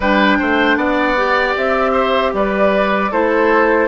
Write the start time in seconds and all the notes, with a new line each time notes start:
0.00 G3 D4 B4 G5
0.38 A3 C5
0.76 B3 D5 F#5
1.16 G4
1.56 C4 E5
1.92 C5
2.33 G3 B4 D5
3.11 A3 E4 A4 C5